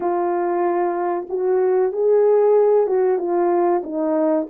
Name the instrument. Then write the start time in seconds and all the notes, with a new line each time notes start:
horn
0.00 F4
1.29 F#4
1.92 G#4
2.87 F#4
3.18 F4
3.83 D#4